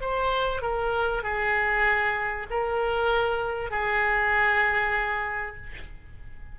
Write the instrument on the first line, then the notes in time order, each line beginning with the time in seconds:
oboe
0.00 C5
0.61 A#4
1.23 G#4
2.50 A#4
3.70 G#4